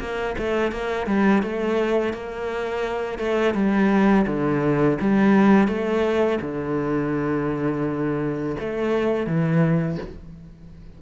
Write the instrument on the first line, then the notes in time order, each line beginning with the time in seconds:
cello
0.00 A#3
0.39 A3
0.72 A#3
1.07 G3
1.43 A3
2.14 A#3
3.19 A3
3.55 G3
4.27 D3
5.01 G3
5.68 A3
6.42 D3
8.60 A3
9.27 E3